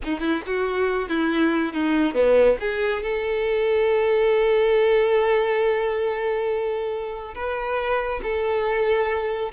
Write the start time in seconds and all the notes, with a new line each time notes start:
0.04 D#4
0.20 E4
0.46 F#4
1.08 E4
1.73 D#4
2.14 B3
2.60 G#4
3.02 A4
7.34 B4
8.22 A4